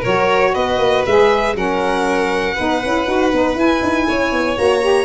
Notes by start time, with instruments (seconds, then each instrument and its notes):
0.00 tuba F#3, violin A#4 C#5
0.06 saxophone F#4
0.54 tuba B3, violin B4 D#5
0.78 tuba A#3
1.06 tuba G#3, saxophone G#4, violin E5
1.55 tuba F#3, saxophone C#4, violin A#4 F#5
2.55 tuba B3, saxophone D#4, violin B4
2.84 tuba C#4, saxophone E4
3.07 tuba D#4, saxophone F#4
3.32 tuba B3, saxophone D#4
3.55 tuba E4, saxophone E4, violin G#5
3.83 tuba D#4
4.09 tuba C#4, violin C#5
4.32 tuba B3
4.57 tuba A#3, saxophone F#4, violin A#5
4.82 saxophone G4